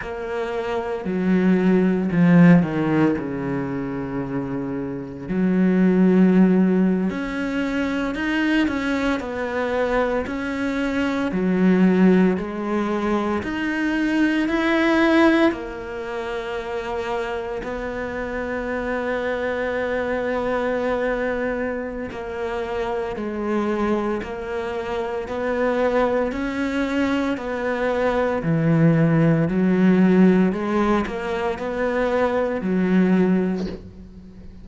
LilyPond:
\new Staff \with { instrumentName = "cello" } { \time 4/4 \tempo 4 = 57 ais4 fis4 f8 dis8 cis4~ | cis4 fis4.~ fis16 cis'4 dis'16~ | dis'16 cis'8 b4 cis'4 fis4 gis16~ | gis8. dis'4 e'4 ais4~ ais16~ |
ais8. b2.~ b16~ | b4 ais4 gis4 ais4 | b4 cis'4 b4 e4 | fis4 gis8 ais8 b4 fis4 | }